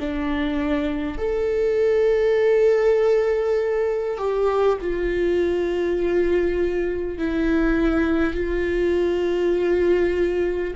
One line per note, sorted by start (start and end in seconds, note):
0.00 1.18 D4
1.18 4.18 A4
4.18 4.78 G4
4.81 7.19 F4
7.19 8.35 E4
8.35 10.75 F4